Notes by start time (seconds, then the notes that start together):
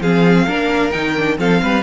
0.00 F3 C4 G#4 F5
0.46 A#3 D4 A#4
0.91 D#3 D#4 G5
1.16 D4
1.38 F3 C4 A4 F5
1.62 G3 B4